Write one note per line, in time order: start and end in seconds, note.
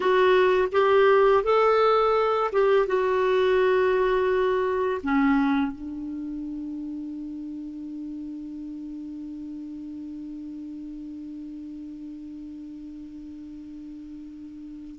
0.00 0.68 F#4
0.72 1.43 G4
1.43 2.50 A4
2.52 2.86 G4
2.86 5.01 F#4
5.03 5.71 C#4
5.71 14.99 D4